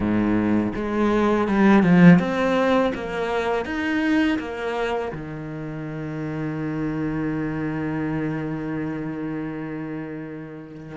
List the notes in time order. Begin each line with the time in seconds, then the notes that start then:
0.00 G#2
0.75 G#3
1.48 G3
1.83 F3
2.19 C4
2.94 A#3
3.65 D#4
4.39 A#3
5.12 D#3